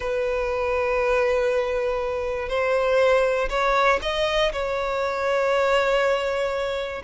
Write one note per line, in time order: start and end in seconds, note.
0.00 2.49 B4
2.49 3.49 C5
3.49 3.99 C#5
4.02 4.52 D#5
4.52 7.02 C#5